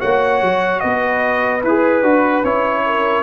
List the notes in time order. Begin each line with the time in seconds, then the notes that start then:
0.00 A#3 F#4 C#5 F#5
0.42 F#3
0.80 B3 B4 D#5
1.64 E4 G#4 B4
2.03 D4 F#4
2.44 C#4 E4 C#5
2.86 A#4